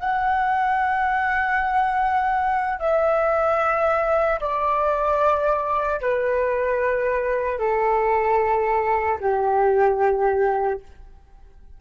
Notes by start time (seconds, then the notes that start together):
0.00 F#5
2.80 E5
4.41 D5
6.01 B4
7.59 A4
9.21 G4